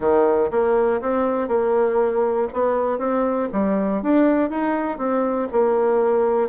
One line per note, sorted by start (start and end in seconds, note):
0.00 0.50 D#3
0.50 1.00 A#3
1.01 1.47 C4
1.47 2.48 A#3
2.53 2.98 B3
2.98 3.48 C4
3.52 4.02 G3
4.02 4.50 D4
4.50 4.97 D#4
4.97 5.47 C4
5.51 6.49 A#3